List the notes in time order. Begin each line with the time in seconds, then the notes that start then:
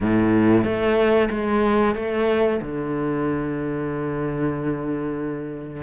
0.01 A2
0.63 A3
1.30 G#3
1.95 A3
2.61 D3